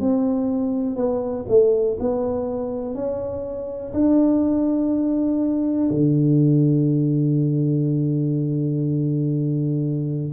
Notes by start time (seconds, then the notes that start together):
0.00 C4
0.96 B3
1.48 A3
1.99 B3
2.95 C#4
3.93 D4
5.90 D3